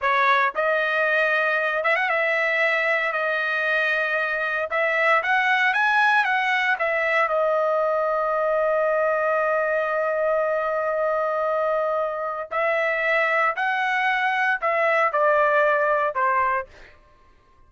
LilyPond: \new Staff \with { instrumentName = "trumpet" } { \time 4/4 \tempo 4 = 115 cis''4 dis''2~ dis''8 e''16 fis''16 | e''2 dis''2~ | dis''4 e''4 fis''4 gis''4 | fis''4 e''4 dis''2~ |
dis''1~ | dis''1 | e''2 fis''2 | e''4 d''2 c''4 | }